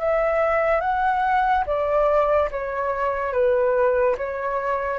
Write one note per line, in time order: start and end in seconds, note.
0.00 0.81 E5
0.81 1.64 F#5
1.66 2.50 D5
2.51 3.33 C#5
3.33 4.16 B4
4.18 4.99 C#5